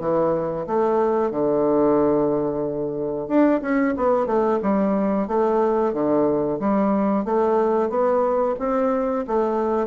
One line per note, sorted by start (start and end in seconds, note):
0.00 0.66 E3
0.67 1.31 A3
1.31 3.28 D3
3.28 3.61 D4
3.61 3.94 C#4
3.97 4.26 B3
4.26 4.59 A3
4.62 5.27 G3
5.27 5.93 A3
5.93 6.59 D3
6.59 7.25 G3
7.25 7.89 A3
7.89 8.55 B3
8.59 9.25 C4
9.27 9.87 A3